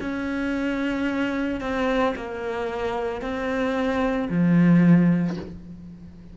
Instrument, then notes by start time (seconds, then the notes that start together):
cello
0.00 C#4
1.61 C4
2.16 A#3
3.21 C4
4.29 F3